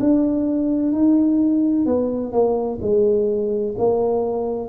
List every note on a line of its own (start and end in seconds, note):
0.00 0.92 D4
0.92 1.86 D#4
1.86 2.32 B3
2.32 2.79 A#3
2.81 3.75 G#3
3.78 4.69 A#3